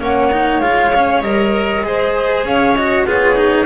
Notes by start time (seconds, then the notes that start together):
0.00 A#3 C#4 C#5 F#5
0.32 D#4
0.60 G#3 F4 F5
0.95 C#4
1.22 G3 A#4 D#5
1.83 G#3 G#4 C5
2.44 C#4 C#5 F5
2.76 F#4 D#5
3.07 B3 F4 G#4 C#5
3.36 D#4